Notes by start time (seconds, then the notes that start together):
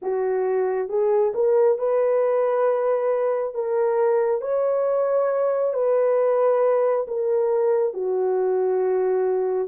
0.02 F#4
0.88 G#4
1.34 A#4
1.78 B4
3.54 A#4
4.41 C#5
5.73 B4
7.07 A#4
7.93 F#4